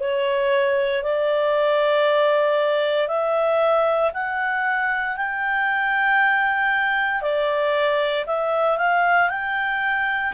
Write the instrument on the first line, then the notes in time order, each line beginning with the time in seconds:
clarinet
0.00 C#5
1.03 D5
3.08 E5
4.14 F#5
5.17 G5
7.22 D5
8.27 E5
8.78 F5
9.30 G5